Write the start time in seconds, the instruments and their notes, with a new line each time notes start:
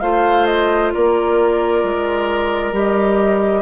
0.00 bassoon A3, clarinet F4, oboe C5, flute F5
0.45 flute D#5
0.93 bassoon A#3, oboe A#4, flute D5
1.83 bassoon G#3
2.72 bassoon G3, clarinet G4, flute D#5